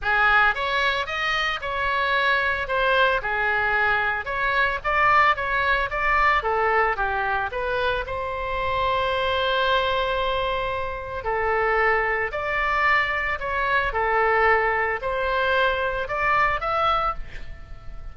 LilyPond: \new Staff \with { instrumentName = "oboe" } { \time 4/4 \tempo 4 = 112 gis'4 cis''4 dis''4 cis''4~ | cis''4 c''4 gis'2 | cis''4 d''4 cis''4 d''4 | a'4 g'4 b'4 c''4~ |
c''1~ | c''4 a'2 d''4~ | d''4 cis''4 a'2 | c''2 d''4 e''4 | }